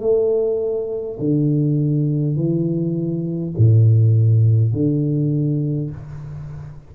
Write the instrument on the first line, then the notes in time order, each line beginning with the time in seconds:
tuba
0.00 A3
1.19 D3
2.36 E3
3.57 A2
4.73 D3